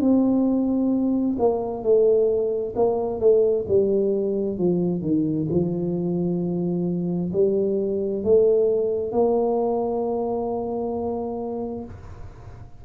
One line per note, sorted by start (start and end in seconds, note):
0.00 1.36 C4
1.38 1.83 A#3
1.83 2.74 A3
2.75 3.19 A#3
3.19 3.65 A3
3.68 4.58 G3
4.58 5.01 F3
5.01 5.47 D#3
5.50 7.31 F3
7.32 8.23 G3
8.23 9.12 A3
9.12 11.84 A#3